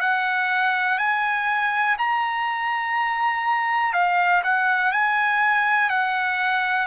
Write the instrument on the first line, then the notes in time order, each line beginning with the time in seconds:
trumpet
0.00 F#5
0.98 G#5
1.99 A#5
3.93 F5
4.44 F#5
4.92 G#5
5.90 F#5